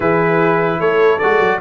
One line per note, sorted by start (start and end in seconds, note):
0.00 0.80 E3
0.00 1.19 E4
0.00 0.79 G#4
0.00 0.80 B4
0.79 1.20 A3
0.79 1.60 A4
0.79 1.19 C#5
1.19 1.39 G#3
1.19 1.60 F#4
1.19 1.59 D5
1.39 1.59 F#3